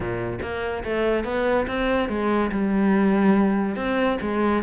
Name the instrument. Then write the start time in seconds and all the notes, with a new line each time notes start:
cello
0.00 A#2
0.41 A#3
0.84 A3
1.24 B3
1.67 C4
2.09 G#3
2.51 G3
3.76 C4
4.21 G#3